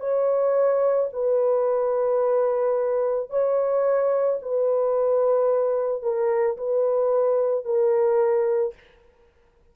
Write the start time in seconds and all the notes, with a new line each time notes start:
0.00 C#5
1.13 B4
3.30 C#5
4.42 B4
6.02 A#4
6.57 B4
7.65 A#4